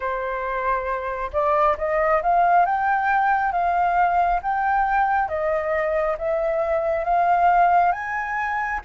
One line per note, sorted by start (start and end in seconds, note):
0.00 1.30 C5
1.32 1.76 D5
1.77 2.21 D#5
2.22 2.65 F5
2.65 3.52 G5
3.52 4.40 F5
4.42 5.28 G5
5.28 6.16 D#5
6.18 7.04 E5
7.04 7.92 F5
7.92 8.80 G#5